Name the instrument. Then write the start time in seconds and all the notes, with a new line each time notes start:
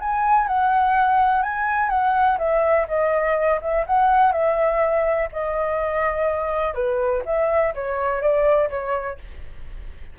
flute
0.00 G#5
0.48 F#5
1.43 G#5
1.90 F#5
2.38 E5
2.88 D#5
3.62 E5
3.87 F#5
4.32 E5
5.32 D#5
6.75 B4
7.26 E5
7.75 C#5
8.21 D5
8.70 C#5